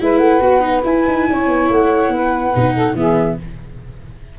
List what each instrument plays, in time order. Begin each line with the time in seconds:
0.00 tuba G#3, viola E4, saxophone B4, flute E5
0.18 tuba A3, flute F#5
0.40 tuba B3, viola F#4
0.60 viola D#4
0.84 viola E4, tuba E4, flute G#5
1.07 tuba D#4
1.29 tuba C#4, saxophone C#5
1.48 tuba B3
1.69 tuba A3, flute F#5
2.08 tuba B3, saxophone B4
2.55 tuba B2, viola D#4
2.74 saxophone A4
2.93 tuba E3, viola B3, saxophone G#4, flute E5